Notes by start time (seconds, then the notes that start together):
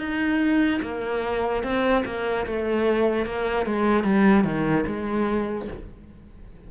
0.00 D#4
0.83 A#3
1.64 C4
2.06 A#3
2.47 A3
3.26 A#3
3.66 G#3
4.04 G3
4.44 D#3
4.87 G#3